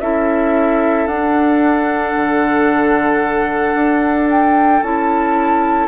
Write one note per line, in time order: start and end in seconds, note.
0.00 1.07 C#4
0.00 1.09 E4
0.00 5.88 A4
0.00 1.07 E5
1.07 2.14 D4
1.07 4.84 D4
1.07 4.29 F#5
2.16 3.75 D3
3.75 4.82 D4
4.30 4.83 G5
4.82 5.88 C#4
4.82 5.88 E4
4.82 5.88 A5